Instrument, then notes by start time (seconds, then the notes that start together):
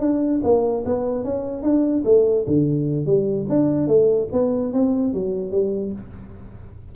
tuba
0.00 D4
0.44 A#3
0.86 B3
1.24 C#4
1.63 D4
2.05 A3
2.47 D3
3.06 G3
3.49 D4
3.88 A3
4.32 B3
4.73 C4
5.13 F#3
5.51 G3